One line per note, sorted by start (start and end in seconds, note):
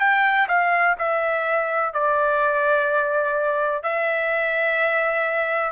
0.00 0.48 G5
0.48 0.96 F5
0.99 1.94 E5
1.94 3.83 D5
3.83 5.72 E5